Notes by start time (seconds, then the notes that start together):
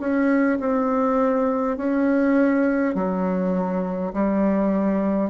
0.00 C#4
0.60 C4
1.78 C#4
2.95 F#3
4.13 G3